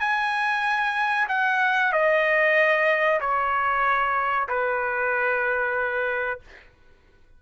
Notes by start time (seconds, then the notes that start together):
0.00 G#5
1.29 F#5
1.93 D#5
3.21 C#5
4.49 B4